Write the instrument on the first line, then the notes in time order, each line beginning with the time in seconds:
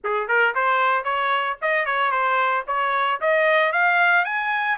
trumpet
0.03 G#4
0.28 A#4
0.55 C5
1.04 C#5
1.61 D#5
1.85 C#5
2.11 C5
2.67 C#5
3.21 D#5
3.72 F5
4.25 G#5